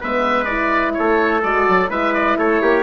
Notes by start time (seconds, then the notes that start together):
0.00 G#3 B3 B4 E5
0.45 E4 D5
0.94 A3 A4 C#5
1.43 G#3 F#4 D5
1.68 F#3
1.89 G#3 E4 B4 E5
2.14 D5
2.38 A3 A4 C#5
2.62 A#3 G4